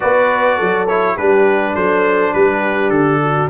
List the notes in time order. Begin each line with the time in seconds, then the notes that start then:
0.00 B3 F#4 B4 D5
0.56 F#3 A4
0.87 E4 C#5
1.15 G3 D4 G4 B4
1.75 F#3 A4 C5
2.33 G3 G4 B4
2.90 D3 A4
3.23 F#4